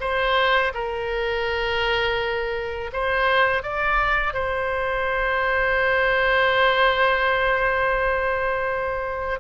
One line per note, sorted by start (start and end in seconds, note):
0.00 0.72 C5
0.74 2.91 A#4
2.92 3.63 C5
3.63 4.33 D5
4.33 9.39 C5